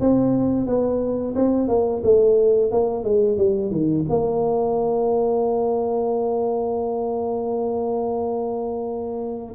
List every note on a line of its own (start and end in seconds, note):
0.00 0.67 C4
0.67 1.35 B3
1.35 1.68 C4
1.68 2.02 A#3
2.04 2.71 A3
2.71 3.04 A#3
3.04 3.37 G#3
3.37 3.71 G3
3.71 4.05 D#3
4.09 9.55 A#3